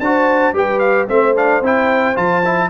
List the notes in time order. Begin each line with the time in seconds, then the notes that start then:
0.00 D4 F#4 C5 A5
0.53 G3 G4 B4 G5
0.79 F5
1.08 A3 C4 C5 E5
1.35 D4 F5
1.61 C4 E4 G5
2.15 F3 F4 A5
2.45 E4